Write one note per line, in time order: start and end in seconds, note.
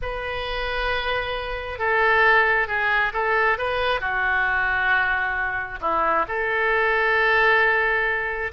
0.02 1.78 B4
1.78 2.67 A4
2.67 3.12 G#4
3.13 3.58 A4
3.58 4.00 B4
4.00 5.79 F#4
5.80 6.25 E4
6.28 8.52 A4